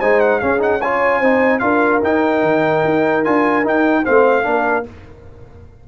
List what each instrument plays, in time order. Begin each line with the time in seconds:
0.00 tuba G#3, trombone D#4, horn C5, trumpet G#5
0.20 trumpet F#5
0.39 trombone C#4, tuba C#4, horn G#4, trumpet F5
0.58 trombone D#4, trumpet F#5
0.80 trombone F4, horn C#5, trumpet G#5
1.19 tuba C4, trombone D#4, horn C5
1.59 tuba D4, trombone F4, horn A#4, trumpet F5
2.02 tuba D#4, trombone D#4, trumpet G5
2.42 tuba D#3
2.84 tuba D#4
3.24 tuba D4, trombone F4, trumpet G#5
3.63 trombone D#4, tuba D#4, trumpet G5
4.04 tuba A3, trombone C4, horn C5, trumpet F5
4.42 tuba A#3, trombone D4, horn A#4